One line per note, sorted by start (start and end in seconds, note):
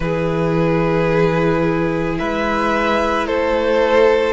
0.00 2.18 E3
0.00 4.32 E4
0.00 2.19 G#4
0.00 2.17 B4
2.17 3.29 G#3
2.17 3.26 B4
2.17 3.27 E5
3.26 4.32 A3
3.26 4.32 A4
3.26 4.32 C5